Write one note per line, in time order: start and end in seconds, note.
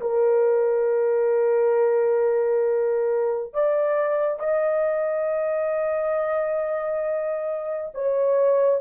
0.00 3.53 A#4
3.53 4.39 D5
4.39 7.92 D#5
7.94 8.80 C#5